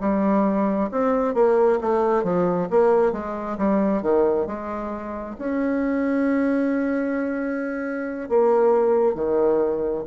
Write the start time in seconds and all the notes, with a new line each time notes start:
0.00 G3
0.91 C4
1.34 A#3
1.81 A3
2.23 F3
2.70 A#3
3.12 G#3
3.57 G3
4.02 D#3
4.47 G#3
5.38 C#4
8.29 A#3
9.15 D#3